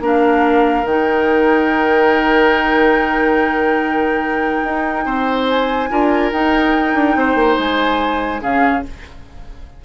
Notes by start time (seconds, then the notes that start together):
0.00 A#3 D4 A#4
0.07 F5
0.85 D#3 D#4 G5
4.64 D#4
5.06 C4 C5
5.48 G#5
5.91 D4 F4 A#4
6.32 D#4 G5
6.95 D4
7.16 C4 C5
7.35 A#3
7.58 G#3 G#5
8.41 C#3 C#4 G#4 F5